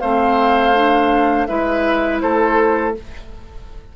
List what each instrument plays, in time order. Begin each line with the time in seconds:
0.00 bassoon A3, clarinet C4, oboe C5, flute F5
0.75 clarinet D4
1.47 bassoon G#3, clarinet E4, oboe B4, flute E5
2.21 bassoon A3, oboe A4, flute C5